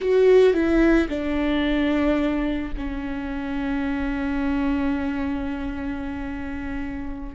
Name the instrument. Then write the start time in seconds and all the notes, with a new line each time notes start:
viola
0.00 F#4
0.53 E4
1.08 D4
2.77 C#4